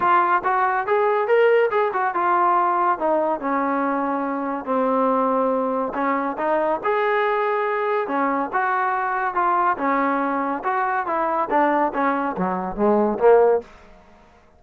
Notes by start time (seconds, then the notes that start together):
0.00 F4
0.44 F#4
0.86 G#4
1.27 A#4
1.70 G#4
1.93 F#4
2.14 F4
2.98 D#4
3.40 C#4
4.65 C4
5.94 C#4
6.38 D#4
6.83 G#4
8.07 C#4
8.52 F#4
9.34 F4
9.77 C#4
10.64 F#4
11.06 E4
11.50 D4
11.93 C#4
12.37 F#3
12.76 G#3
13.18 A#3